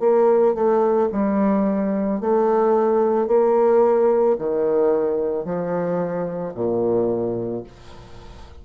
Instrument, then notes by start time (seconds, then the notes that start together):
bassoon
0.00 A#3
0.55 A3
1.13 G3
2.21 A3
3.27 A#3
4.39 D#3
5.45 F3
6.55 A#2